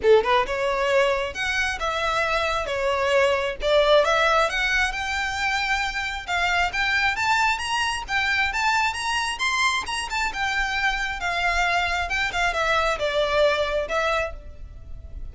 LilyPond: \new Staff \with { instrumentName = "violin" } { \time 4/4 \tempo 4 = 134 a'8 b'8 cis''2 fis''4 | e''2 cis''2 | d''4 e''4 fis''4 g''4~ | g''2 f''4 g''4 |
a''4 ais''4 g''4 a''4 | ais''4 c'''4 ais''8 a''8 g''4~ | g''4 f''2 g''8 f''8 | e''4 d''2 e''4 | }